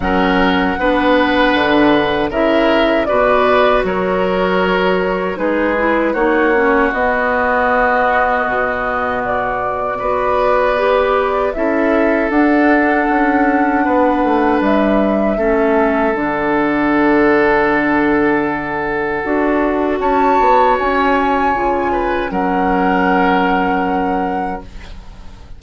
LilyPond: <<
  \new Staff \with { instrumentName = "flute" } { \time 4/4 \tempo 4 = 78 fis''2. e''4 | d''4 cis''2 b'4 | cis''4 dis''2. | d''2. e''4 |
fis''2. e''4~ | e''4 fis''2.~ | fis''2 a''4 gis''4~ | gis''4 fis''2. | }
  \new Staff \with { instrumentName = "oboe" } { \time 4/4 ais'4 b'2 ais'4 | b'4 ais'2 gis'4 | fis'1~ | fis'4 b'2 a'4~ |
a'2 b'2 | a'1~ | a'2 cis''2~ | cis''8 b'8 ais'2. | }
  \new Staff \with { instrumentName = "clarinet" } { \time 4/4 cis'4 d'2 e'4 | fis'2. dis'8 e'8 | dis'8 cis'8 b2.~ | b4 fis'4 g'4 e'4 |
d'1 | cis'4 d'2.~ | d'4 fis'2. | f'4 cis'2. | }
  \new Staff \with { instrumentName = "bassoon" } { \time 4/4 fis4 b4 d4 cis4 | b,4 fis2 gis4 | ais4 b2 b,4~ | b,4 b2 cis'4 |
d'4 cis'4 b8 a8 g4 | a4 d2.~ | d4 d'4 cis'8 b8 cis'4 | cis4 fis2. | }
>>